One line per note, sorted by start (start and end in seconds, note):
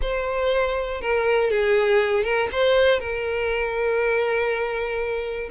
0.01 1.01 C5
1.01 1.50 A#4
1.50 2.23 G#4
2.23 2.48 A#4
2.52 2.99 C5
2.99 5.49 A#4